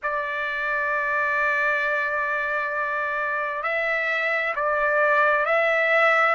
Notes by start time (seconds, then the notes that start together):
0.02 D5
3.62 E5
4.55 D5
5.45 E5